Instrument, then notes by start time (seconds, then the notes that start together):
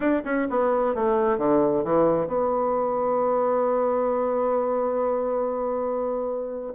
bassoon
0.00 D4
0.24 C#4
0.50 B3
0.94 A3
1.38 D3
1.84 E3
2.27 B3